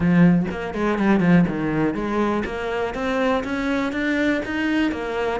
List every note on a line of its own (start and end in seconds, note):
0.00 0.46 F3
0.51 0.74 A#3
0.74 0.98 G#3
0.98 1.20 G3
1.20 1.44 F3
1.48 1.94 D#3
1.94 2.43 G#3
2.45 2.94 A#3
2.94 3.43 C4
3.44 3.92 C#4
3.92 4.41 D4
4.45 4.91 D#4
4.91 5.40 A#3